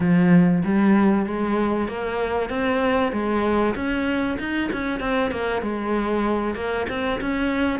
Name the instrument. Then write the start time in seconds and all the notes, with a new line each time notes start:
cello
0.00 F3
0.64 G3
1.26 G#3
1.88 A#3
2.49 C4
3.12 G#3
3.75 C#4
4.39 D#4
4.72 C#4
5.00 C4
5.31 A#3
5.62 G#3
6.55 A#3
6.89 C4
7.20 C#4